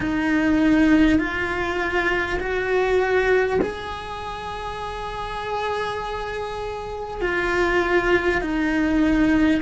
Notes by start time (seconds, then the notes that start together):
0.00 D#4
1.18 F4
2.39 F#4
3.61 G#4
7.21 F4
8.41 D#4